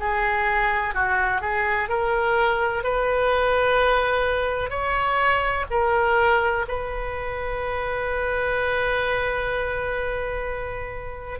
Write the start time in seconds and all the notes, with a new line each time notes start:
0.00 G#4
0.95 F#4
1.42 G#4
1.89 A#4
2.84 B4
4.71 C#5
5.71 A#4
6.68 B4